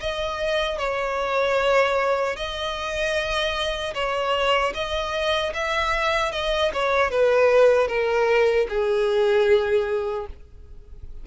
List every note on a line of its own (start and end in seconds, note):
0.00 0.78 D#5
0.78 2.36 C#5
2.36 3.94 D#5
3.94 4.73 C#5
4.74 5.53 D#5
5.54 6.32 E5
6.32 6.71 D#5
6.73 7.10 C#5
7.10 7.88 B4
7.88 8.67 A#4
8.69 10.27 G#4